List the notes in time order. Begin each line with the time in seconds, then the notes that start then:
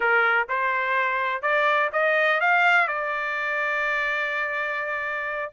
0.00 A#4
0.48 C5
1.41 D5
1.92 D#5
2.40 F5
2.87 D5